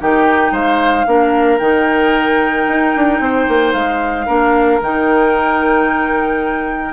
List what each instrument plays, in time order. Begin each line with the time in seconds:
0.00 bassoon D#3, clarinet D#4, oboe G4, flute G5
0.52 bassoon G#3, oboe C5, flute F5
1.07 bassoon A#3, clarinet D4, oboe A#4
1.59 bassoon D#3, clarinet D#4, flute G5
2.68 bassoon D#4
2.96 bassoon D4
3.20 bassoon C4, oboe C5
3.49 bassoon A#3
3.73 bassoon G#3, flute F5
4.27 bassoon A#3, clarinet D4, oboe A#4
4.82 bassoon D#3, clarinet D#4, flute G5